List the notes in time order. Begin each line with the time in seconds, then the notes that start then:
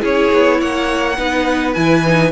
0.00 C#4 E4 G#4 C#5
0.33 B3
0.60 A#3 C#5 F#5
1.18 B3 D#4 B4
1.74 E3 E4 G#5
2.06 D#4